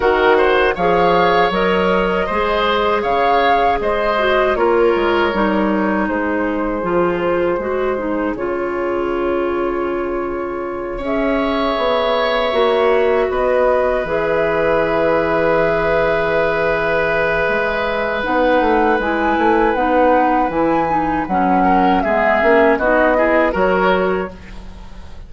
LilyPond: <<
  \new Staff \with { instrumentName = "flute" } { \time 4/4 \tempo 4 = 79 fis''4 f''4 dis''2 | f''4 dis''4 cis''2 | c''2. cis''4~ | cis''2~ cis''8 e''4.~ |
e''4. dis''4 e''4.~ | e''1 | fis''4 gis''4 fis''4 gis''4 | fis''4 e''4 dis''4 cis''4 | }
  \new Staff \with { instrumentName = "oboe" } { \time 4/4 ais'8 c''8 cis''2 c''4 | cis''4 c''4 ais'2 | gis'1~ | gis'2~ gis'8 cis''4.~ |
cis''4. b'2~ b'8~ | b'1~ | b'1~ | b'8 ais'8 gis'4 fis'8 gis'8 ais'4 | }
  \new Staff \with { instrumentName = "clarinet" } { \time 4/4 fis'4 gis'4 ais'4 gis'4~ | gis'4. fis'8 f'4 dis'4~ | dis'4 f'4 fis'8 dis'8 f'4~ | f'2~ f'8 gis'4.~ |
gis'8 fis'2 gis'4.~ | gis'1 | dis'4 e'4 dis'4 e'8 dis'8 | cis'4 b8 cis'8 dis'8 e'8 fis'4 | }
  \new Staff \with { instrumentName = "bassoon" } { \time 4/4 dis4 f4 fis4 gis4 | cis4 gis4 ais8 gis8 g4 | gis4 f4 gis4 cis4~ | cis2~ cis8 cis'4 b8~ |
b8 ais4 b4 e4.~ | e2. gis4 | b8 a8 gis8 a8 b4 e4 | fis4 gis8 ais8 b4 fis4 | }
>>